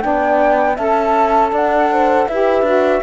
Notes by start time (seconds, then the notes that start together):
0.00 B3 D4 D5 G5
0.76 C#4 A4 E5 A5
1.52 D4 D5 F#5
1.92 C5
2.28 E4 G4 B4 E5
2.62 D4 F#4